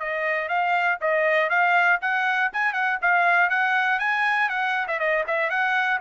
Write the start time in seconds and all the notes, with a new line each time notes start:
0.00 D#5
0.49 F5
1.01 D#5
1.50 F5
2.01 F#5
2.53 G#5
2.73 F#5
3.02 F5
3.50 F#5
4.00 G#5
4.50 F#5
4.88 E5
4.99 D#5
5.27 E5
5.50 F#5